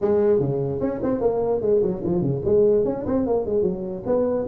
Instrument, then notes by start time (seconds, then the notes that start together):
tuba
0.01 G#3
0.39 C#3
0.80 C#4
1.02 C4
1.20 A#3
1.61 G#3
1.82 F#3
2.04 F3
2.21 C#3
2.44 G#3
2.85 C#4
3.06 C4
3.26 A#3
3.46 G#3
3.62 F#3
4.06 B3